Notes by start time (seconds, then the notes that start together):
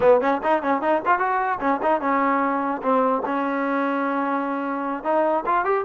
0.00 B3
0.20 C#4
0.43 D#4
0.62 C#4
0.81 D#4
1.05 F4
1.18 F#4
1.60 C#4
1.82 D#4
2.01 C#4
2.82 C4
3.25 C#4
5.03 D#4
5.45 F4
5.64 G4